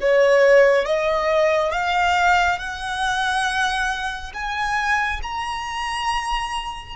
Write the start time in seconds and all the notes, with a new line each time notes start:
0.00 C#5
0.85 D#5
1.72 F5
2.58 F#5
4.33 G#5
5.23 A#5